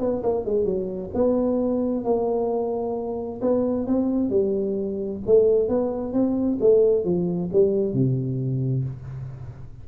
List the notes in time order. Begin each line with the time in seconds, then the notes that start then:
0.00 B3
0.23 A#3
0.45 G#3
0.65 F#3
1.14 B3
2.05 A#3
3.42 B3
3.87 C4
4.30 G3
5.26 A3
5.69 B3
6.13 C4
6.61 A3
7.05 F3
7.53 G3
7.94 C3